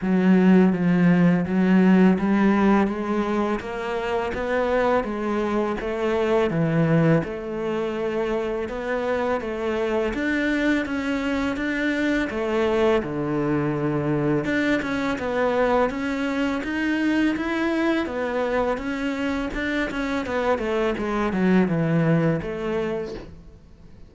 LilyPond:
\new Staff \with { instrumentName = "cello" } { \time 4/4 \tempo 4 = 83 fis4 f4 fis4 g4 | gis4 ais4 b4 gis4 | a4 e4 a2 | b4 a4 d'4 cis'4 |
d'4 a4 d2 | d'8 cis'8 b4 cis'4 dis'4 | e'4 b4 cis'4 d'8 cis'8 | b8 a8 gis8 fis8 e4 a4 | }